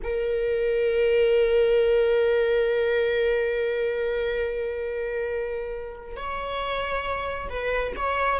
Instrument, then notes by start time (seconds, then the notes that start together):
viola
0.03 A#4
6.16 C#5
7.49 B4
7.95 C#5